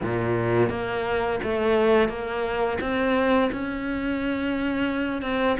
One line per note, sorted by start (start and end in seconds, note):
0.02 0.69 A#2
0.69 1.39 A#3
1.43 2.08 A3
2.08 2.78 A#3
2.80 3.50 C4
3.51 5.21 C#4
5.21 5.57 C4